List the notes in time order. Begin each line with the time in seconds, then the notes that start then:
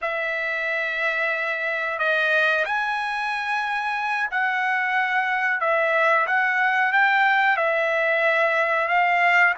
0.01 E5
1.98 D#5
2.65 G#5
4.30 F#5
5.60 E5
6.26 F#5
6.92 G5
7.56 E5
8.88 F5